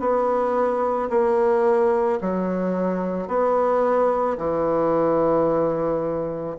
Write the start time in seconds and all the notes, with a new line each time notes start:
0.00 B3
1.10 A#3
2.21 F#3
3.28 B3
4.38 E3